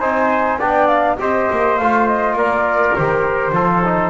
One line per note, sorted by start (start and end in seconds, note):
0.00 0.59 C4
0.00 0.60 D#4
0.00 0.59 C5
0.00 0.59 G#5
0.59 1.18 B3
0.59 1.19 D4
0.59 1.18 D5
0.59 0.87 G5
0.87 1.16 F5
1.19 1.49 C4
1.19 1.78 G4
1.19 2.38 C5
1.19 1.78 D#5
1.51 1.80 A#3
1.78 2.33 A3
1.78 2.98 F4
1.78 2.07 F5
2.08 2.37 D#5
2.33 2.92 A#3
2.33 3.55 A#4
2.33 2.95 D5
2.95 3.52 D#3
2.95 3.54 G4
2.95 4.11 C5
3.52 4.11 F3
3.52 3.83 F4
3.52 4.11 A4
3.85 4.11 D#4